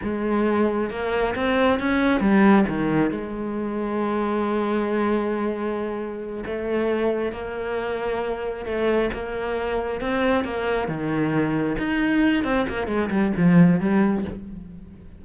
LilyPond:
\new Staff \with { instrumentName = "cello" } { \time 4/4 \tempo 4 = 135 gis2 ais4 c'4 | cis'4 g4 dis4 gis4~ | gis1~ | gis2~ gis8 a4.~ |
a8 ais2. a8~ | a8 ais2 c'4 ais8~ | ais8 dis2 dis'4. | c'8 ais8 gis8 g8 f4 g4 | }